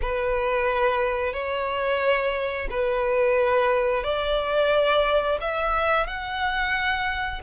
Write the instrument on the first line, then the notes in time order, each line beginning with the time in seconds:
violin
0.01 B4
1.33 C#5
2.70 B4
4.03 D5
5.41 E5
6.06 F#5